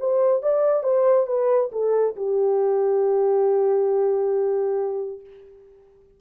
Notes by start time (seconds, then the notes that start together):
0.00 C5
0.43 D5
0.84 C5
1.27 B4
1.72 A4
2.16 G4